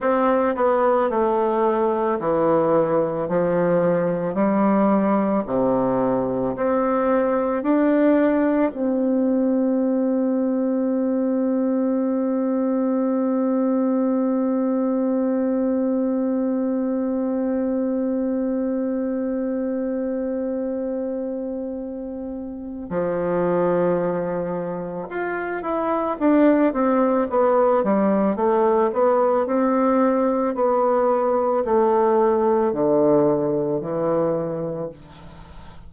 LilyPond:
\new Staff \with { instrumentName = "bassoon" } { \time 4/4 \tempo 4 = 55 c'8 b8 a4 e4 f4 | g4 c4 c'4 d'4 | c'1~ | c'1~ |
c'1~ | c'4 f2 f'8 e'8 | d'8 c'8 b8 g8 a8 b8 c'4 | b4 a4 d4 e4 | }